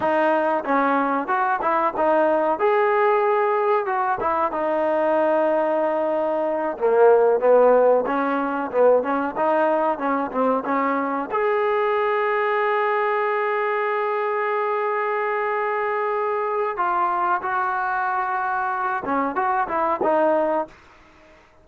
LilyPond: \new Staff \with { instrumentName = "trombone" } { \time 4/4 \tempo 4 = 93 dis'4 cis'4 fis'8 e'8 dis'4 | gis'2 fis'8 e'8 dis'4~ | dis'2~ dis'8 ais4 b8~ | b8 cis'4 b8 cis'8 dis'4 cis'8 |
c'8 cis'4 gis'2~ gis'8~ | gis'1~ | gis'2 f'4 fis'4~ | fis'4. cis'8 fis'8 e'8 dis'4 | }